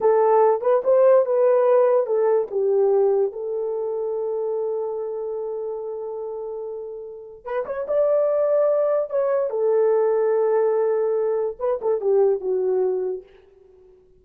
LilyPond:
\new Staff \with { instrumentName = "horn" } { \time 4/4 \tempo 4 = 145 a'4. b'8 c''4 b'4~ | b'4 a'4 g'2 | a'1~ | a'1~ |
a'2 b'8 cis''8 d''4~ | d''2 cis''4 a'4~ | a'1 | b'8 a'8 g'4 fis'2 | }